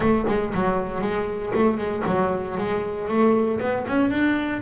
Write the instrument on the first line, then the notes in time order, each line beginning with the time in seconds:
double bass
0.00 A3
0.27 G#3
0.54 F#3
1.01 G#3
1.54 A3
1.77 G#3
2.06 F#3
2.57 G#3
3.08 A3
3.60 B3
3.87 C#4
4.10 D4